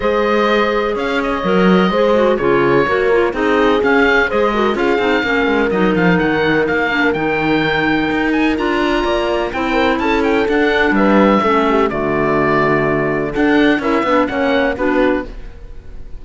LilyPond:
<<
  \new Staff \with { instrumentName = "oboe" } { \time 4/4 \tempo 4 = 126 dis''2 f''8 dis''4.~ | dis''4 cis''2 dis''4 | f''4 dis''4 f''2 | dis''8 f''8 fis''4 f''4 g''4~ |
g''4. gis''8 ais''2 | g''4 a''8 g''8 fis''4 e''4~ | e''4 d''2. | fis''4 e''4 fis''4 b'4 | }
  \new Staff \with { instrumentName = "horn" } { \time 4/4 c''2 cis''2 | c''4 gis'4 ais'4 gis'4~ | gis'4 c''8 ais'8 gis'4 ais'4~ | ais'1~ |
ais'2. d''4 | c''8 ais'8 a'2 b'4 | a'8 g'8 fis'2. | a'4 ais'8 b'8 cis''4 fis'4 | }
  \new Staff \with { instrumentName = "clarinet" } { \time 4/4 gis'2. ais'4 | gis'8 fis'8 f'4 fis'8 f'8 dis'4 | cis'4 gis'8 fis'8 f'8 dis'8 cis'4 | dis'2~ dis'8 d'8 dis'4~ |
dis'2 f'2 | e'2 d'2 | cis'4 a2. | d'4 e'8 d'8 cis'4 d'4 | }
  \new Staff \with { instrumentName = "cello" } { \time 4/4 gis2 cis'4 fis4 | gis4 cis4 ais4 c'4 | cis'4 gis4 cis'8 c'8 ais8 gis8 | fis8 f8 dis4 ais4 dis4~ |
dis4 dis'4 d'4 ais4 | c'4 cis'4 d'4 g4 | a4 d2. | d'4 cis'8 b8 ais4 b4 | }
>>